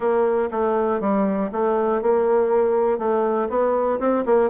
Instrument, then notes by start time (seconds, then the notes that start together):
bassoon
0.00 A#3
0.51 A3
1.00 G3
1.52 A3
2.02 A#3
2.98 A3
3.49 B3
3.99 C4
4.25 A#3